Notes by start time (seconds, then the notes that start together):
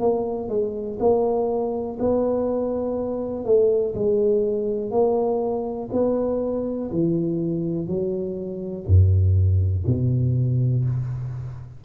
0.00 A#3
0.49 G#3
0.99 A#3
1.99 B3
3.45 A3
3.94 G#3
4.91 A#3
5.92 B3
6.91 E3
7.87 F#3
8.86 F#2
9.86 B2